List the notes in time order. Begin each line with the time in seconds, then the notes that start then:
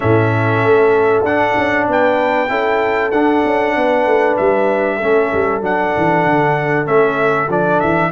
0.00 A2 C#4 A4 E5
0.64 A3
1.23 D4 F#5
1.57 C#4
1.87 B3 B4 G5
2.48 C#4 E4 A4
3.11 D4 F#5
3.44 C#4
3.76 B3 B4
4.05 A3
4.37 G3 E5
4.97 A3 C#4 A4
5.33 G3
5.61 F#3 D4 F#5
5.96 E3
6.25 D3
6.85 A3 C#4 E5
7.48 F3 D4 D5
7.79 E3 E5